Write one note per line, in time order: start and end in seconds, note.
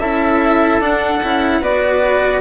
0.00 0.80 C#4
0.00 0.81 E4
0.00 1.61 A4
0.00 0.81 E5
0.80 1.20 D4
0.80 1.22 D4
0.80 1.64 F#5
1.23 1.61 C#4
1.23 1.62 E4
1.61 2.41 B3
1.61 2.41 F#4
1.61 2.41 B4
1.61 2.41 D5